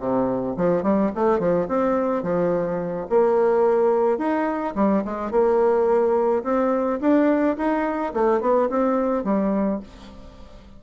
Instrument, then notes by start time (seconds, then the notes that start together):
bassoon
0.00 C3
0.57 F3
0.83 G3
1.15 A3
1.39 F3
1.68 C4
2.23 F3
3.10 A#3
4.18 D#4
4.75 G3
5.05 G#3
5.31 A#3
6.44 C4
7.01 D4
7.58 D#4
8.14 A3
8.41 B3
8.70 C4
9.24 G3